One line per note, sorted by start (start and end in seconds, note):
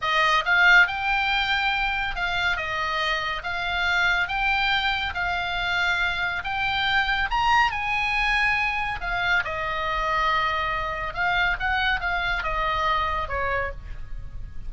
0.01 0.44 D#5
0.45 0.87 F5
0.87 2.15 G5
2.15 2.56 F5
2.56 3.42 D#5
3.43 4.28 F5
4.28 5.13 G5
5.14 6.42 F5
6.43 7.29 G5
7.30 7.71 A#5
7.71 9.00 G#5
9.00 9.43 F5
9.44 11.14 D#5
11.14 11.56 F5
11.59 12.00 F#5
12.00 12.43 F5
12.43 13.28 D#5
13.28 13.71 C#5